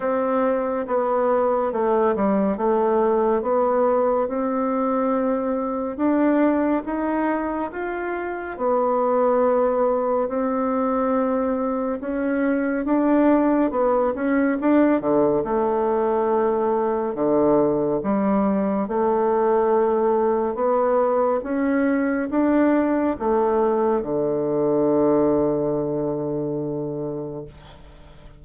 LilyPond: \new Staff \with { instrumentName = "bassoon" } { \time 4/4 \tempo 4 = 70 c'4 b4 a8 g8 a4 | b4 c'2 d'4 | dis'4 f'4 b2 | c'2 cis'4 d'4 |
b8 cis'8 d'8 d8 a2 | d4 g4 a2 | b4 cis'4 d'4 a4 | d1 | }